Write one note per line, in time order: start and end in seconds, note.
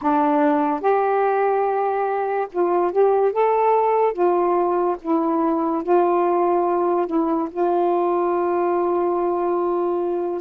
0.01 0.80 D4
0.80 2.47 G4
2.52 2.92 F4
2.92 3.32 G4
3.32 4.12 A4
4.12 4.96 F4
5.01 5.83 E4
5.83 7.06 F4
7.06 7.48 E4
7.50 10.41 F4